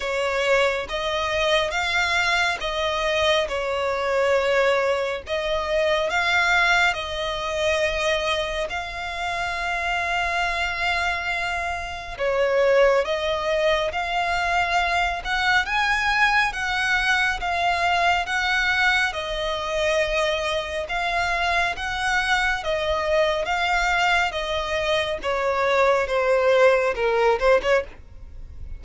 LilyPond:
\new Staff \with { instrumentName = "violin" } { \time 4/4 \tempo 4 = 69 cis''4 dis''4 f''4 dis''4 | cis''2 dis''4 f''4 | dis''2 f''2~ | f''2 cis''4 dis''4 |
f''4. fis''8 gis''4 fis''4 | f''4 fis''4 dis''2 | f''4 fis''4 dis''4 f''4 | dis''4 cis''4 c''4 ais'8 c''16 cis''16 | }